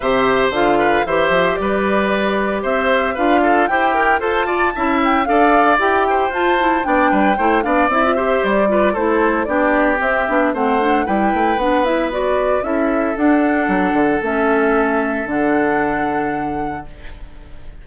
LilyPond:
<<
  \new Staff \with { instrumentName = "flute" } { \time 4/4 \tempo 4 = 114 e''4 f''4 e''4 d''4~ | d''4 e''4 f''4 g''4 | a''4. g''8 f''4 g''4 | a''4 g''4. f''8 e''4 |
d''4 c''4 d''4 e''4 | fis''4 g''4 fis''8 e''8 d''4 | e''4 fis''2 e''4~ | e''4 fis''2. | }
  \new Staff \with { instrumentName = "oboe" } { \time 4/4 c''4. b'8 c''4 b'4~ | b'4 c''4 b'8 a'8 g'4 | c''8 d''8 e''4 d''4. c''8~ | c''4 d''8 b'8 c''8 d''4 c''8~ |
c''8 b'8 a'4 g'2 | c''4 b'2. | a'1~ | a'1 | }
  \new Staff \with { instrumentName = "clarinet" } { \time 4/4 g'4 f'4 g'2~ | g'2 f'4 c''8 ais'8 | a'8 f'8 e'4 a'4 g'4 | f'8 e'8 d'4 e'8 d'8 e'16 f'16 g'8~ |
g'8 f'8 e'4 d'4 c'8 d'8 | c'8 d'8 e'4 d'8 e'8 fis'4 | e'4 d'2 cis'4~ | cis'4 d'2. | }
  \new Staff \with { instrumentName = "bassoon" } { \time 4/4 c4 d4 e8 f8 g4~ | g4 c'4 d'4 e'4 | f'4 cis'4 d'4 e'4 | f'4 b8 g8 a8 b8 c'4 |
g4 a4 b4 c'8 b8 | a4 g8 a8 b2 | cis'4 d'4 fis8 d8 a4~ | a4 d2. | }
>>